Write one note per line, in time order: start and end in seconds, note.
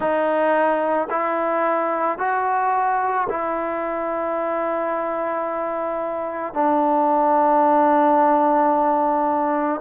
0.00 1.08 D#4
1.10 2.18 E4
2.18 3.27 F#4
3.29 6.53 E4
6.53 9.80 D4